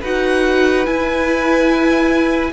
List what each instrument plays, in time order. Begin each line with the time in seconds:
0.00 cello D#4, viola F#4, violin B4 F#5
0.85 viola E4, cello E4, violin G#5